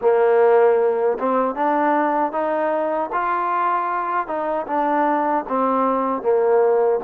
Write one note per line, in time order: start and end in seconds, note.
0.01 1.18 A#3
1.19 1.55 C4
1.55 2.32 D4
2.32 3.10 D#4
3.12 4.26 F4
4.26 4.65 D#4
4.66 5.44 D4
5.48 6.22 C4
6.22 7.00 A#3